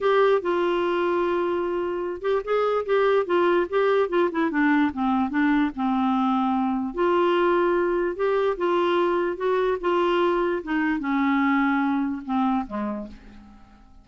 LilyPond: \new Staff \with { instrumentName = "clarinet" } { \time 4/4 \tempo 4 = 147 g'4 f'2.~ | f'4. g'8 gis'4 g'4 | f'4 g'4 f'8 e'8 d'4 | c'4 d'4 c'2~ |
c'4 f'2. | g'4 f'2 fis'4 | f'2 dis'4 cis'4~ | cis'2 c'4 gis4 | }